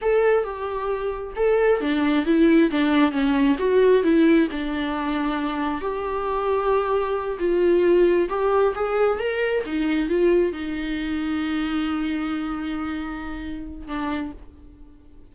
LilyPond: \new Staff \with { instrumentName = "viola" } { \time 4/4 \tempo 4 = 134 a'4 g'2 a'4 | d'4 e'4 d'4 cis'4 | fis'4 e'4 d'2~ | d'4 g'2.~ |
g'8 f'2 g'4 gis'8~ | gis'8 ais'4 dis'4 f'4 dis'8~ | dis'1~ | dis'2. d'4 | }